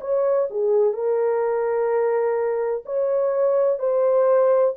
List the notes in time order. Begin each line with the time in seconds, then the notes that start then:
0.00 C#5
0.50 G#4
0.93 A#4
2.85 C#5
3.79 C5